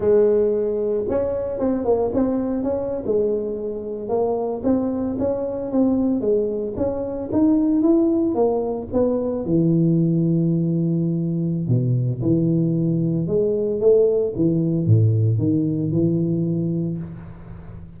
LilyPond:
\new Staff \with { instrumentName = "tuba" } { \time 4/4 \tempo 4 = 113 gis2 cis'4 c'8 ais8 | c'4 cis'8. gis2 ais16~ | ais8. c'4 cis'4 c'4 gis16~ | gis8. cis'4 dis'4 e'4 ais16~ |
ais8. b4 e2~ e16~ | e2 b,4 e4~ | e4 gis4 a4 e4 | a,4 dis4 e2 | }